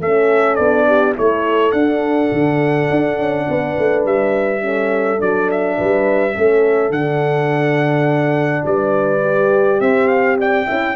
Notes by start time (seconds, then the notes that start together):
0.00 A3 C#4 A4 E5
0.55 B3 D4 D5
0.87 G4
1.14 A3 E4 A4 C#5
1.72 D4 F#5
2.32 D3
2.90 D4
3.18 C#4
3.48 B3 B4
3.78 A3
4.04 G3 E5
4.61 C#4 A4
5.16 F#3 D4 D5
5.51 E5
5.77 G3 B4
6.33 A3 C#4 A4
6.90 D3 D4 F#5
8.65 G3 B4 D5
9.23 G4
9.80 C4 C5 E5
10.08 F5
10.39 D5 G5
10.66 C#4 E4 E5